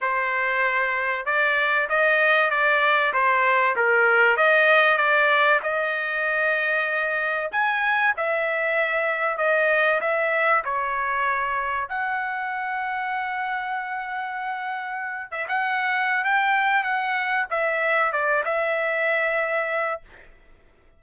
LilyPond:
\new Staff \with { instrumentName = "trumpet" } { \time 4/4 \tempo 4 = 96 c''2 d''4 dis''4 | d''4 c''4 ais'4 dis''4 | d''4 dis''2. | gis''4 e''2 dis''4 |
e''4 cis''2 fis''4~ | fis''1~ | fis''8 e''16 fis''4~ fis''16 g''4 fis''4 | e''4 d''8 e''2~ e''8 | }